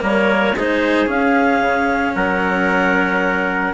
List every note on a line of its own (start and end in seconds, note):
0.00 0.54 G3
0.00 0.53 A#3
0.00 0.55 A#4
0.00 0.57 C#5
0.54 1.07 G#3
0.54 1.06 D#4
0.54 2.15 G#4
0.54 1.09 C5
1.06 3.72 C#4
1.06 1.60 C#4
1.06 2.14 F5
1.60 2.13 C#3
2.14 3.73 F#3
2.14 3.73 A#4
2.14 3.73 F#5